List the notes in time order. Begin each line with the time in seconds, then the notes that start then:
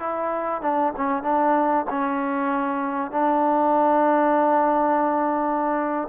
0.00 E4
0.62 D4
0.97 C#4
1.23 D4
1.90 C#4
3.12 D4